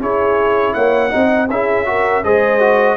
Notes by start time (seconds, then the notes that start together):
0.00 C#4 E4 G#4 C#5
0.73 A#3 C#5 F#5
1.09 C4 D#4 D#5
1.50 C#4 E4 G#4 E5
1.85 F#4 A#4
2.23 G#3 G#4 C5 D#5
2.60 F#4